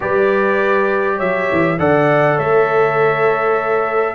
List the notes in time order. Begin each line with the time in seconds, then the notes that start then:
0.00 G3 G4 B4 D5
1.16 F#3 C#5 E5
1.52 E3
1.79 D3 A4 D5 F#5
2.36 A3 C#5 E5